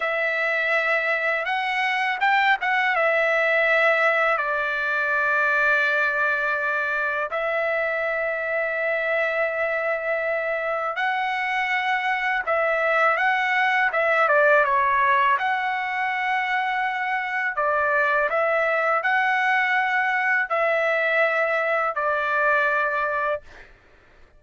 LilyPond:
\new Staff \with { instrumentName = "trumpet" } { \time 4/4 \tempo 4 = 82 e''2 fis''4 g''8 fis''8 | e''2 d''2~ | d''2 e''2~ | e''2. fis''4~ |
fis''4 e''4 fis''4 e''8 d''8 | cis''4 fis''2. | d''4 e''4 fis''2 | e''2 d''2 | }